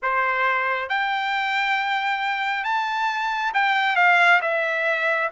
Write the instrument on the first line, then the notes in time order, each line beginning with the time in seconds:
trumpet
0.02 C5
0.89 G5
2.64 A5
3.54 G5
3.96 F5
4.41 E5